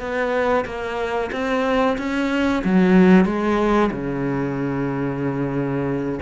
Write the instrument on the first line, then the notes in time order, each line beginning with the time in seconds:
cello
0.00 B3
0.66 A#3
1.33 C4
1.98 C#4
2.65 F#3
3.26 G#3
3.91 C#3